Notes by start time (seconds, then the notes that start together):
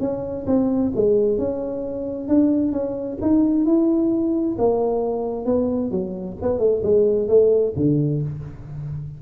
0.00 C#4
0.46 C4
0.95 G#3
1.38 C#4
2.28 D4
2.72 C#4
3.21 D#4
3.65 E4
4.58 A#3
5.45 B3
5.91 F#3
6.42 B3
6.59 A3
6.83 G#3
7.28 A3
7.76 D3